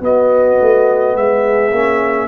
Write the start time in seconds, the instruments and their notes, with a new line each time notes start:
0.00 tuba B3, trombone B3, horn F#4, trumpet D#5
0.60 tuba A3
1.15 tuba G#3, horn G#4, trumpet E5
1.71 tuba A#3, trombone C#4